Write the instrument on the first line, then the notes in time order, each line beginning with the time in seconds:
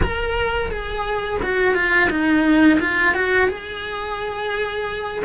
cello
0.03 A#4
0.70 G#4
1.42 F#4
1.74 F4
2.09 D#4
2.80 F4
3.14 F#4
3.48 G#4